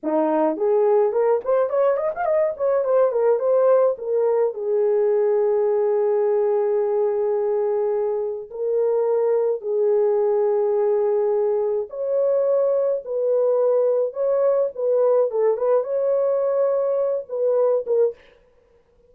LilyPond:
\new Staff \with { instrumentName = "horn" } { \time 4/4 \tempo 4 = 106 dis'4 gis'4 ais'8 c''8 cis''8 dis''16 f''16 | dis''8 cis''8 c''8 ais'8 c''4 ais'4 | gis'1~ | gis'2. ais'4~ |
ais'4 gis'2.~ | gis'4 cis''2 b'4~ | b'4 cis''4 b'4 a'8 b'8 | cis''2~ cis''8 b'4 ais'8 | }